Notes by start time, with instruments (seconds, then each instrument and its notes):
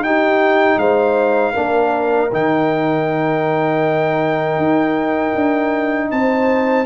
0.00 tuba D#4, trombone D#4, horn G4, trumpet G5
0.77 tuba G#3, horn C5, trumpet F5
1.52 tuba A#3, trombone D4, horn A#4
2.32 tuba D#3, trombone D#4, trumpet G5
4.57 tuba D#4
5.35 tuba D4
6.11 tuba C4, horn C5, trumpet A5